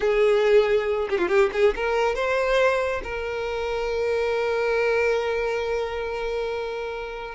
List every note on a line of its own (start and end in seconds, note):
0.00 1.08 G#4
1.09 1.18 G4
1.18 1.28 F4
1.28 1.50 G4
1.52 1.74 G#4
1.75 2.15 A#4
2.15 3.01 C5
3.03 7.34 A#4